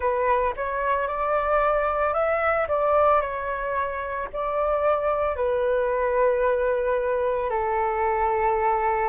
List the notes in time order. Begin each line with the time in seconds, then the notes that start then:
0.00 B4
0.56 C#5
1.07 D5
2.13 E5
2.67 D5
3.21 C#5
4.32 D5
5.36 B4
7.50 A4